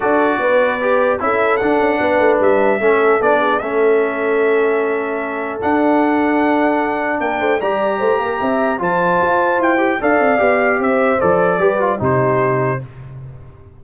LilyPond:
<<
  \new Staff \with { instrumentName = "trumpet" } { \time 4/4 \tempo 4 = 150 d''2. e''4 | fis''2 e''2 | d''4 e''2.~ | e''2 fis''2~ |
fis''2 g''4 ais''4~ | ais''2 a''2 | g''4 f''2 e''4 | d''2 c''2 | }
  \new Staff \with { instrumentName = "horn" } { \time 4/4 a'4 b'2 a'4~ | a'4 b'2 a'4~ | a'8 gis'8 a'2.~ | a'1~ |
a'2 ais'8 c''8 d''4 | c''8 ais'8 e''4 c''2~ | c''4 d''2 c''4~ | c''4 b'4 g'2 | }
  \new Staff \with { instrumentName = "trombone" } { \time 4/4 fis'2 g'4 e'4 | d'2. cis'4 | d'4 cis'2.~ | cis'2 d'2~ |
d'2. g'4~ | g'2 f'2~ | f'8 g'8 a'4 g'2 | a'4 g'8 f'8 dis'2 | }
  \new Staff \with { instrumentName = "tuba" } { \time 4/4 d'4 b2 cis'4 | d'8 cis'8 b8 a8 g4 a4 | b4 a2.~ | a2 d'2~ |
d'2 ais8 a8 g4 | a8 ais8 c'4 f4 f'4 | e'4 d'8 c'8 b4 c'4 | f4 g4 c2 | }
>>